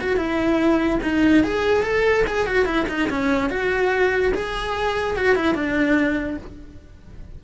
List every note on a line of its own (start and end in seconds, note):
0.00 0.16 F#4
0.16 0.99 E4
1.02 1.44 D#4
1.44 1.83 G#4
1.83 2.24 A4
2.27 2.46 G#4
2.46 2.65 F#4
2.65 2.86 E4
2.88 3.09 D#4
3.09 3.49 C#4
3.49 4.32 F#4
4.34 5.16 G#4
5.16 5.35 F#4
5.35 5.54 E4
5.54 6.37 D4